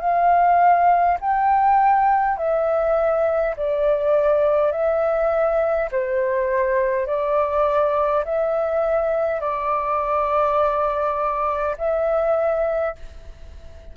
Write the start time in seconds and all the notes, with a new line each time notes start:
0.00 F5
1.21 G5
2.37 E5
3.57 D5
4.72 E5
5.91 C5
7.07 D5
8.25 E5
9.41 D5
11.78 E5